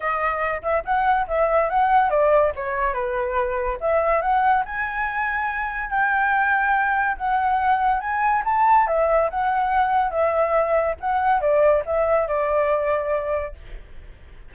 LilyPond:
\new Staff \with { instrumentName = "flute" } { \time 4/4 \tempo 4 = 142 dis''4. e''8 fis''4 e''4 | fis''4 d''4 cis''4 b'4~ | b'4 e''4 fis''4 gis''4~ | gis''2 g''2~ |
g''4 fis''2 gis''4 | a''4 e''4 fis''2 | e''2 fis''4 d''4 | e''4 d''2. | }